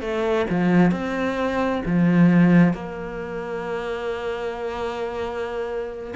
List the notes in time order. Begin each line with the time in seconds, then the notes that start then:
0.00 A3
0.50 F3
0.91 C4
1.85 F3
2.73 A#3